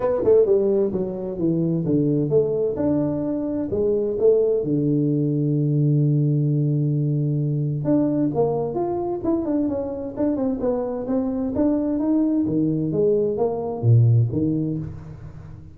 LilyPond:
\new Staff \with { instrumentName = "tuba" } { \time 4/4 \tempo 4 = 130 b8 a8 g4 fis4 e4 | d4 a4 d'2 | gis4 a4 d2~ | d1~ |
d4 d'4 ais4 f'4 | e'8 d'8 cis'4 d'8 c'8 b4 | c'4 d'4 dis'4 dis4 | gis4 ais4 ais,4 dis4 | }